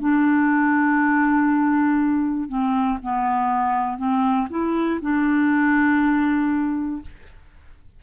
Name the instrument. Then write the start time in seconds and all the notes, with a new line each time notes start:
clarinet
0.00 D4
2.49 C4
3.03 B3
3.98 C4
4.51 E4
5.02 D4